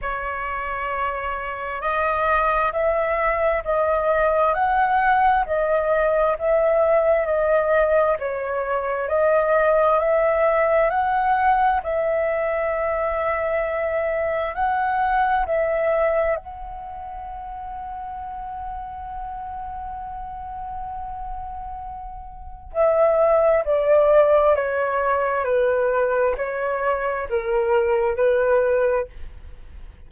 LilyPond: \new Staff \with { instrumentName = "flute" } { \time 4/4 \tempo 4 = 66 cis''2 dis''4 e''4 | dis''4 fis''4 dis''4 e''4 | dis''4 cis''4 dis''4 e''4 | fis''4 e''2. |
fis''4 e''4 fis''2~ | fis''1~ | fis''4 e''4 d''4 cis''4 | b'4 cis''4 ais'4 b'4 | }